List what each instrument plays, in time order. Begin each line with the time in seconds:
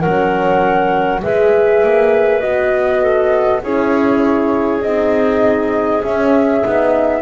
0.00 double bass F#3, horn C#4, clarinet A#4, flute F#5
1.22 double bass G#3, horn G#4, clarinet B4, flute E5
1.83 double bass A#3
2.41 double bass B3, horn F#4, flute D#5
3.02 clarinet A4
3.63 double bass C#4, horn E4, clarinet G#4, flute C#5
4.82 double bass C4, horn D#4, flute D#5
6.03 horn C#4, double bass C#4, flute E5
6.62 double bass B3, horn D#4